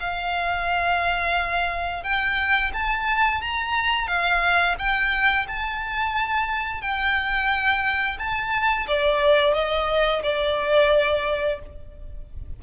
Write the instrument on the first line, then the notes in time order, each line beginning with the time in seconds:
violin
0.00 F5
2.04 G5
2.73 A5
3.42 A#5
4.08 F5
4.79 G5
5.48 A5
6.82 G5
8.18 A5
8.88 D5
9.54 D#5
10.23 D5